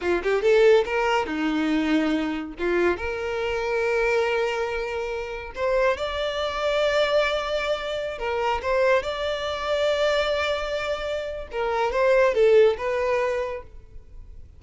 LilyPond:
\new Staff \with { instrumentName = "violin" } { \time 4/4 \tempo 4 = 141 f'8 g'8 a'4 ais'4 dis'4~ | dis'2 f'4 ais'4~ | ais'1~ | ais'4 c''4 d''2~ |
d''2.~ d''16 ais'8.~ | ais'16 c''4 d''2~ d''8.~ | d''2. ais'4 | c''4 a'4 b'2 | }